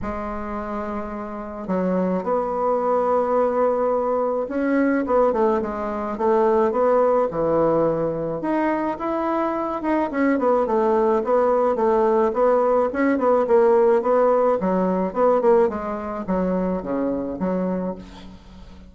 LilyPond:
\new Staff \with { instrumentName = "bassoon" } { \time 4/4 \tempo 4 = 107 gis2. fis4 | b1 | cis'4 b8 a8 gis4 a4 | b4 e2 dis'4 |
e'4. dis'8 cis'8 b8 a4 | b4 a4 b4 cis'8 b8 | ais4 b4 fis4 b8 ais8 | gis4 fis4 cis4 fis4 | }